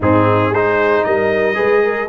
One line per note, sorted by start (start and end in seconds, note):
0.00 0.50 G#2
0.00 0.54 C4
0.00 0.51 D#4
0.00 0.53 G#4
0.50 1.02 G#3
0.50 1.54 D#4
0.50 1.03 G#4
0.50 1.04 C5
1.04 1.58 G3
1.04 1.56 A#4
1.04 2.08 D#5
1.54 2.08 G#3
1.54 2.06 G#4
1.54 1.82 B4
1.83 2.08 A#4